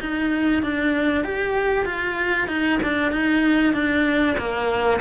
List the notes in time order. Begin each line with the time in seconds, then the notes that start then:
0.00 D#4
0.62 D4
1.24 G4
1.85 F4
2.48 D#4
2.83 D4
3.12 D#4
3.73 D4
4.38 A#3